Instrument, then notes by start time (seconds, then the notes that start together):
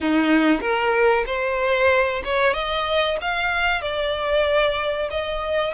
violin
0.01 D#4
0.60 A#4
1.26 C5
2.24 C#5
2.53 D#5
3.21 F5
3.81 D5
5.10 D#5